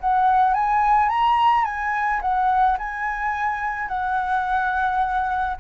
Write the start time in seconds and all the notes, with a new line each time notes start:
0.00 F#5
0.54 G#5
1.09 A#5
1.64 G#5
2.21 F#5
2.78 G#5
3.88 F#5